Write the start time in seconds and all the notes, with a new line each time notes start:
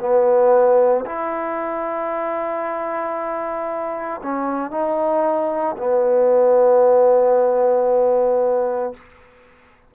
0.00 B3
1.06 E4
4.23 C#4
4.71 D#4
5.78 B3